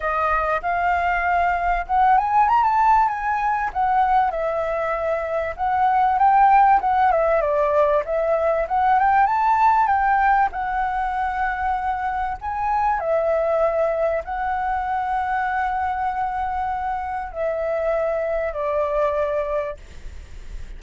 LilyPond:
\new Staff \with { instrumentName = "flute" } { \time 4/4 \tempo 4 = 97 dis''4 f''2 fis''8 gis''8 | ais''16 a''8. gis''4 fis''4 e''4~ | e''4 fis''4 g''4 fis''8 e''8 | d''4 e''4 fis''8 g''8 a''4 |
g''4 fis''2. | gis''4 e''2 fis''4~ | fis''1 | e''2 d''2 | }